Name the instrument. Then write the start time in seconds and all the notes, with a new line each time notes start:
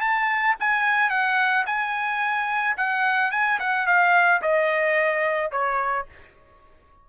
trumpet
0.00 A5
0.60 G#5
1.10 F#5
1.66 G#5
2.77 F#5
3.31 G#5
3.59 F#5
3.86 F5
4.41 D#5
5.51 C#5